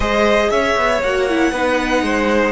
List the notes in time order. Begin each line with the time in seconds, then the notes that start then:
0.00 G#3 G#4 C5 D#5
0.50 C#4 C#5 E5
0.76 B3
1.03 A#3 F#4 F#5
1.29 E4
1.51 B3 D#4 B4
2.02 G#3 C5